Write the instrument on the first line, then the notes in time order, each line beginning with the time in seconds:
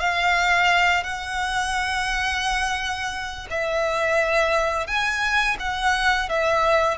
violin
0.00 F5
1.04 F#5
3.51 E5
4.87 G#5
5.60 F#5
6.29 E5